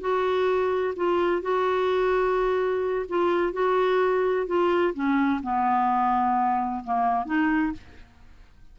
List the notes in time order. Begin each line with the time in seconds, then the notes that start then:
0.00 F#4
0.95 F4
1.41 F#4
3.08 F4
3.53 F#4
4.46 F4
4.93 C#4
5.42 B3
6.84 A#3
7.25 D#4